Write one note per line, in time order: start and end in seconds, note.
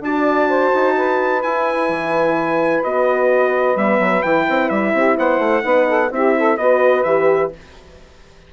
0.00 0.70 D4
0.00 1.42 F#4
0.00 0.48 D5
0.00 1.42 A5
0.48 0.94 C5
0.73 1.43 D#4
0.97 4.94 B4
1.42 2.83 E4
1.42 1.88 E4
1.42 2.83 G#5
1.88 2.82 E3
2.83 3.75 B3
2.83 3.77 F#4
2.83 3.77 D#5
3.75 3.99 G3
3.75 4.24 B3
3.75 4.22 E5
3.99 4.23 F#3
4.22 4.47 E3
4.22 5.61 E4
4.22 4.69 G5
4.48 4.70 C4
4.69 4.93 G3
4.69 5.16 E5
4.93 5.17 C4
4.93 5.16 G4
5.16 5.38 B3
5.16 5.63 C5
5.16 6.12 F#5
5.38 5.62 A3
5.61 6.10 B3
5.61 6.08 D#4
5.61 5.87 B4
5.87 6.10 A4
6.10 6.57 C4
6.10 6.59 E4
6.10 6.37 G4
6.10 6.57 E5
6.37 6.58 A4
6.57 7.04 B3
6.57 7.06 F#4
6.57 7.52 B4
6.57 7.03 D#5
7.03 7.51 E3
7.03 7.53 G4
7.03 7.50 E5